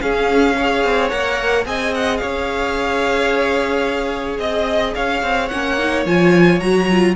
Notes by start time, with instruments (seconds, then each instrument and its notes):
0.00 viola C#4, cello C#4, violin G#4 F5
0.56 viola G#4, violin C#5
0.84 cello C4
1.09 cello A#3, viola A#4, violin F#5
1.65 cello C4, viola G#4, violin D#5 G#5
1.95 violin F#5
2.17 cello C#4, violin C#5 F5
4.39 cello C4, violin D#5
4.95 cello C#4, violin C#5 F5
5.22 cello C4
5.48 cello A#3, viola C#4, violin F#5
5.79 viola D#4
6.06 cello F3, viola F4, violin G#5
6.60 cello F#3, viola F#4, violin A#5
6.91 viola F4